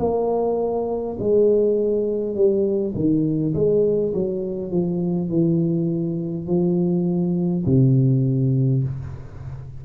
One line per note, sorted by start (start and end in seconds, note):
0.00 1.18 A#3
1.20 2.35 G#3
2.35 2.94 G3
2.95 3.54 D#3
3.55 4.13 G#3
4.14 4.71 F#3
4.71 5.29 F3
5.29 6.47 E3
6.47 7.65 F3
7.66 8.84 C3